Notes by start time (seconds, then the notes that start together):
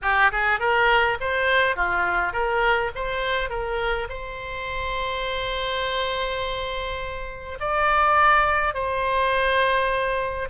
0.02 G4
0.31 G#4
0.59 A#4
1.20 C5
1.76 F4
2.32 A#4
2.95 C5
3.49 A#4
4.09 C5
7.59 D5
8.74 C5